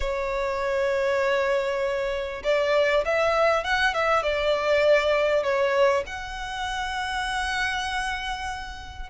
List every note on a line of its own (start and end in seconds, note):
0.00 2.42 C#5
2.43 3.04 D5
3.05 3.64 E5
3.64 3.94 F#5
3.94 4.23 E5
4.23 5.43 D5
5.43 6.03 C#5
6.06 9.09 F#5